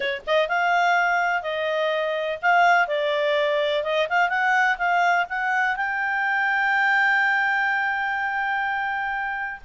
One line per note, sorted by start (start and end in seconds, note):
0.00 0.21 C#5
0.26 0.48 D#5
0.48 1.42 F5
1.42 2.38 D#5
2.42 2.87 F5
2.87 3.83 D5
3.83 4.07 D#5
4.09 4.29 F5
4.29 4.77 F#5
4.77 5.25 F5
5.29 5.76 F#5
5.76 9.60 G5